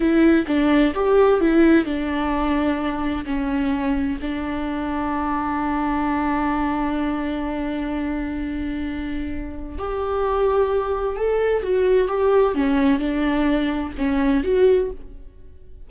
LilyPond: \new Staff \with { instrumentName = "viola" } { \time 4/4 \tempo 4 = 129 e'4 d'4 g'4 e'4 | d'2. cis'4~ | cis'4 d'2.~ | d'1~ |
d'1~ | d'4 g'2. | a'4 fis'4 g'4 cis'4 | d'2 cis'4 fis'4 | }